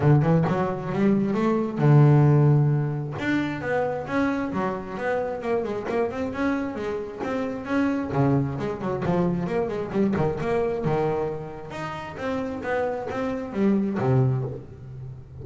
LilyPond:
\new Staff \with { instrumentName = "double bass" } { \time 4/4 \tempo 4 = 133 d8 e8 fis4 g4 a4 | d2. d'4 | b4 cis'4 fis4 b4 | ais8 gis8 ais8 c'8 cis'4 gis4 |
c'4 cis'4 cis4 gis8 fis8 | f4 ais8 gis8 g8 dis8 ais4 | dis2 dis'4 c'4 | b4 c'4 g4 c4 | }